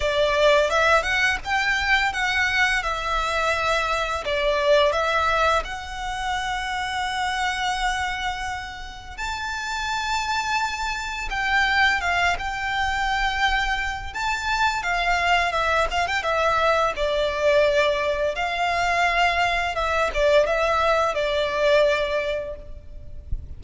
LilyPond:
\new Staff \with { instrumentName = "violin" } { \time 4/4 \tempo 4 = 85 d''4 e''8 fis''8 g''4 fis''4 | e''2 d''4 e''4 | fis''1~ | fis''4 a''2. |
g''4 f''8 g''2~ g''8 | a''4 f''4 e''8 f''16 g''16 e''4 | d''2 f''2 | e''8 d''8 e''4 d''2 | }